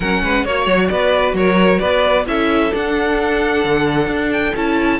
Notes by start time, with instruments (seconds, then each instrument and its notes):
0.00 cello F#3, viola C#4, violin A#4 F#5
0.22 cello G#3, violin B4
0.44 cello A#3, viola F#4, violin C#5
0.66 cello F#3
0.88 cello B3, violin B4 D5
1.33 cello F#3, violin A#4 C#5
1.79 cello B3, violin B4 D5
2.26 cello C#4, viola E4, violin A4 E5
2.72 viola D4, cello D4, violin F#5
3.64 cello D3
4.07 cello D4
4.32 violin G5
4.55 cello C#4, viola E4, violin A5